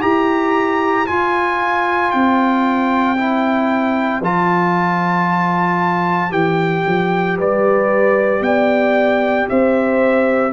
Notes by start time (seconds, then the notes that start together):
0.00 E4 G4 C5 A#5
1.07 F4 G#5
2.11 C4 G5
3.17 E4
4.21 F3 F4 A5
6.31 E3 G4 G5
6.87 F3
7.39 G3 B4 D5
8.41 B3 D5 G5
9.50 C4 C5 E5